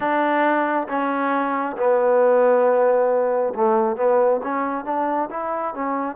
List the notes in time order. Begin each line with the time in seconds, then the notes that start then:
0.00 D4
0.88 C#4
1.76 B3
3.55 A3
3.96 B3
4.43 C#4
4.84 D4
5.30 E4
5.74 C#4